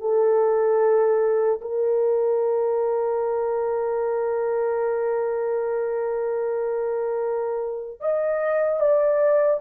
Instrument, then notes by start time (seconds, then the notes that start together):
horn
0.00 A4
1.61 A#4
8.00 D#5
8.80 D5